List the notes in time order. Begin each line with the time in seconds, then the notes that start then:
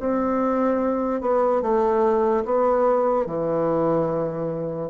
0.00 C4
1.21 B3
1.62 A3
2.45 B3
3.27 E3